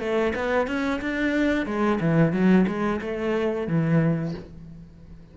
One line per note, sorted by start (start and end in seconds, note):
0.00 0.33 A3
0.36 0.67 B3
0.67 1.01 C#4
1.01 1.66 D4
1.66 1.99 G#3
2.01 2.32 E3
2.32 2.66 F#3
2.67 3.01 G#3
3.01 3.68 A3
3.68 4.35 E3